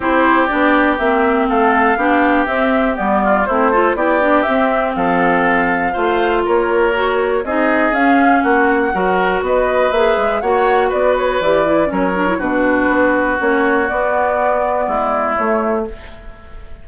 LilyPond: <<
  \new Staff \with { instrumentName = "flute" } { \time 4/4 \tempo 4 = 121 c''4 d''4 e''4 f''4~ | f''4 e''4 d''4 c''4 | d''4 e''4 f''2~ | f''4 cis''2 dis''4 |
f''4 fis''2 dis''4 | e''4 fis''4 d''8 cis''8 d''4 | cis''4 b'2 cis''4 | d''2. cis''4 | }
  \new Staff \with { instrumentName = "oboe" } { \time 4/4 g'2. a'4 | g'2~ g'8 f'8 e'8 a'8 | g'2 a'2 | c''4 ais'2 gis'4~ |
gis'4 fis'4 ais'4 b'4~ | b'4 cis''4 b'2 | ais'4 fis'2.~ | fis'2 e'2 | }
  \new Staff \with { instrumentName = "clarinet" } { \time 4/4 e'4 d'4 c'2 | d'4 c'4 b4 c'8 f'8 | e'8 d'8 c'2. | f'2 fis'4 dis'4 |
cis'2 fis'2 | gis'4 fis'2 g'8 e'8 | cis'8 d'16 e'16 d'2 cis'4 | b2. a4 | }
  \new Staff \with { instrumentName = "bassoon" } { \time 4/4 c'4 b4 ais4 a4 | b4 c'4 g4 a4 | b4 c'4 f2 | a4 ais2 c'4 |
cis'4 ais4 fis4 b4 | ais8 gis8 ais4 b4 e4 | fis4 b,4 b4 ais4 | b2 gis4 a4 | }
>>